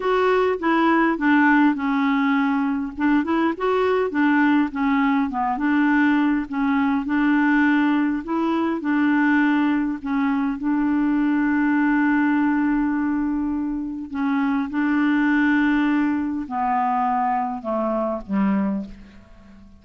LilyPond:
\new Staff \with { instrumentName = "clarinet" } { \time 4/4 \tempo 4 = 102 fis'4 e'4 d'4 cis'4~ | cis'4 d'8 e'8 fis'4 d'4 | cis'4 b8 d'4. cis'4 | d'2 e'4 d'4~ |
d'4 cis'4 d'2~ | d'1 | cis'4 d'2. | b2 a4 g4 | }